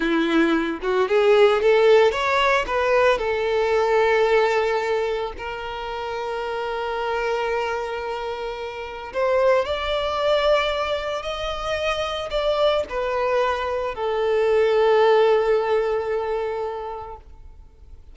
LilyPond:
\new Staff \with { instrumentName = "violin" } { \time 4/4 \tempo 4 = 112 e'4. fis'8 gis'4 a'4 | cis''4 b'4 a'2~ | a'2 ais'2~ | ais'1~ |
ais'4 c''4 d''2~ | d''4 dis''2 d''4 | b'2 a'2~ | a'1 | }